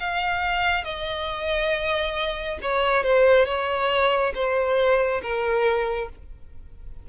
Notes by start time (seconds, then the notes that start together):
0.00 F5
0.85 D#5
2.62 C#5
3.04 C5
3.46 C#5
4.35 C5
5.23 A#4